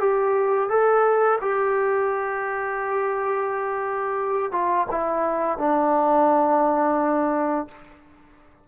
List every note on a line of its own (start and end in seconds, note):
0.00 0.69 G4
0.69 1.39 A4
1.41 4.52 G4
4.52 4.87 F4
4.91 5.58 E4
5.58 7.68 D4